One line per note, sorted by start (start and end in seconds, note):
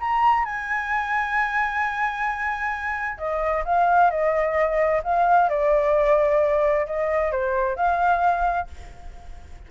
0.00 0.45 A#5
0.45 3.18 G#5
3.18 3.64 D#5
3.65 4.10 F5
4.10 5.02 D#5
5.04 5.49 F5
5.49 6.86 D5
6.86 7.32 D#5
7.32 7.76 C5
7.76 8.68 F5